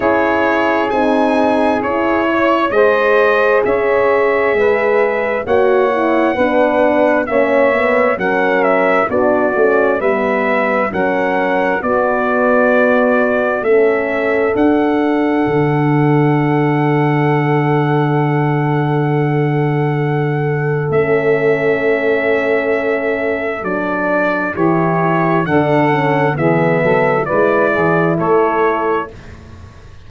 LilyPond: <<
  \new Staff \with { instrumentName = "trumpet" } { \time 4/4 \tempo 4 = 66 cis''4 gis''4 cis''4 dis''4 | e''2 fis''2 | e''4 fis''8 e''8 d''4 e''4 | fis''4 d''2 e''4 |
fis''1~ | fis''2. e''4~ | e''2 d''4 cis''4 | fis''4 e''4 d''4 cis''4 | }
  \new Staff \with { instrumentName = "saxophone" } { \time 4/4 gis'2~ gis'8 cis''8 c''4 | cis''4 b'4 cis''4 b'4 | cis''4 ais'4 fis'4 b'4 | ais'4 fis'2 a'4~ |
a'1~ | a'1~ | a'2. g'4 | a'4 gis'8 a'8 b'8 gis'8 a'4 | }
  \new Staff \with { instrumentName = "horn" } { \time 4/4 e'4 dis'4 e'4 gis'4~ | gis'2 fis'8 e'8 d'4 | cis'8 b8 cis'4 d'8 cis'8 b4 | cis'4 b2 cis'4 |
d'1~ | d'2. cis'4~ | cis'2 d'4 e'4 | d'8 cis'8 b4 e'2 | }
  \new Staff \with { instrumentName = "tuba" } { \time 4/4 cis'4 c'4 cis'4 gis4 | cis'4 gis4 ais4 b4 | ais4 fis4 b8 a8 g4 | fis4 b2 a4 |
d'4 d2.~ | d2. a4~ | a2 fis4 e4 | d4 e8 fis8 gis8 e8 a4 | }
>>